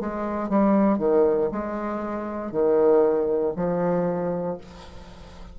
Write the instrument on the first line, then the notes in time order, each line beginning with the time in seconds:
bassoon
0.00 G#3
0.49 G3
0.98 D#3
1.52 G#3
2.51 D#3
3.56 F3